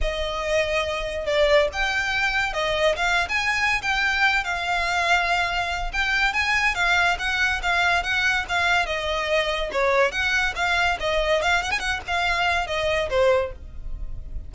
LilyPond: \new Staff \with { instrumentName = "violin" } { \time 4/4 \tempo 4 = 142 dis''2. d''4 | g''2 dis''4 f''8. gis''16~ | gis''4 g''4. f''4.~ | f''2 g''4 gis''4 |
f''4 fis''4 f''4 fis''4 | f''4 dis''2 cis''4 | fis''4 f''4 dis''4 f''8 fis''16 gis''16 | fis''8 f''4. dis''4 c''4 | }